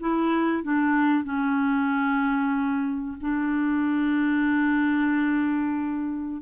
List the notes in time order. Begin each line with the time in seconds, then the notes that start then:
0.00 E4
0.63 D4
1.24 C#4
3.21 D4